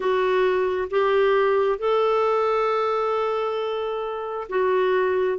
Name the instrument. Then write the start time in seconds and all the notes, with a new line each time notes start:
clarinet
0.00 F#4
0.90 G4
1.78 A4
4.49 F#4